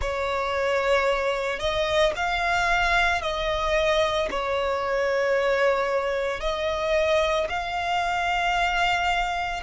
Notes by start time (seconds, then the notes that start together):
0.01 C#5
1.59 D#5
2.16 F5
3.21 D#5
4.30 C#5
6.40 D#5
7.49 F5